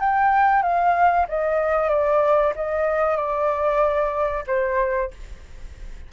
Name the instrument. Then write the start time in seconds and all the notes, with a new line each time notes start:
flute
0.00 G5
0.62 F5
1.29 D#5
1.89 D5
2.55 D#5
3.16 D5
4.47 C5